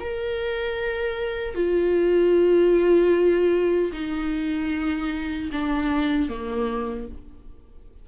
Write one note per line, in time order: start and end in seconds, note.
0.00 1.55 A#4
1.55 3.92 F4
3.93 5.50 D#4
5.52 6.29 D4
6.29 7.08 A#3